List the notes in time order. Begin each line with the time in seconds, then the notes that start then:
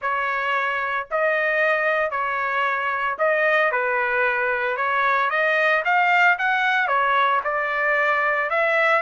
0.01 C#5
1.10 D#5
2.10 C#5
3.18 D#5
3.71 B4
4.76 C#5
5.30 D#5
5.84 F5
6.38 F#5
6.87 C#5
7.44 D5
8.50 E5